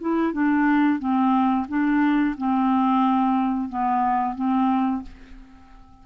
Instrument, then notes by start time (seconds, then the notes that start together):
clarinet
0.00 E4
0.33 D4
0.99 C4
1.68 D4
2.37 C4
3.69 B3
4.35 C4